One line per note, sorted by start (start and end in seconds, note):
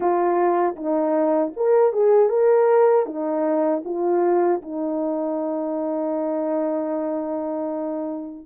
0.00 0.75 F4
0.76 1.52 D#4
1.56 1.92 A#4
1.92 2.29 G#4
2.29 3.06 A#4
3.06 3.83 D#4
3.85 4.62 F4
4.62 8.45 D#4